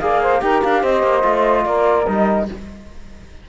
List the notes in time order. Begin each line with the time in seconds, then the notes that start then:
0.00 A#3 G#4 D5 F5
0.22 C5
0.40 D#4 G4 A#4 G5
0.63 D4 F5
0.81 C4 C5 D#5
1.02 A#3
1.22 A3 F4
1.65 A#3 A#4 D5
2.06 G3 D#4 D#5